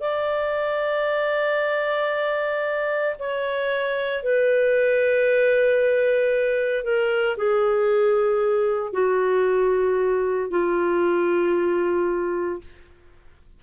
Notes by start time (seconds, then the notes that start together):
0.00 D5
3.19 C#5
4.23 B4
6.84 A#4
7.37 G#4
8.92 F#4
10.50 F4